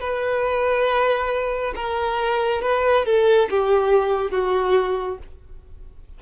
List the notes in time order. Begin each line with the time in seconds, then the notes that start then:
0.00 B4
1.75 A#4
2.62 B4
3.05 A4
3.50 G4
4.31 F#4